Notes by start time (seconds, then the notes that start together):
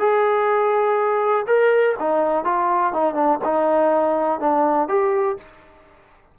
0.00 G#4
1.47 A#4
2.00 D#4
2.45 F4
2.94 D#4
3.15 D4
3.45 D#4
4.41 D4
4.89 G4